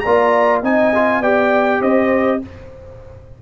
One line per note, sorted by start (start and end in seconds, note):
0.00 0.63 A#3
0.00 0.64 D5
0.00 0.59 A#5
0.07 0.64 F4
0.63 1.21 C4
0.63 0.94 D#4
0.63 1.22 D#5
0.63 1.23 G#5
0.95 1.24 F4
1.21 1.80 B3
1.21 2.43 G4
1.21 1.81 D5
1.21 1.82 G5
1.81 2.41 C4
1.81 2.41 C5
1.81 2.42 D#5